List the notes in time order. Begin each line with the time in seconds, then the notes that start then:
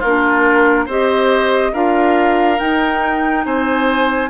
0.00 A#3 D4 F4 A#4
0.86 C4 G4 C5 D#5
1.73 D4 F4 A#4 F5
2.58 D#4 G5
3.46 C4 C5 G#5